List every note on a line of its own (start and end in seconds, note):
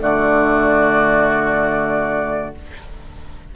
0.00 2.54 D3
0.00 2.53 A3
0.00 2.56 F#4
0.00 2.54 D5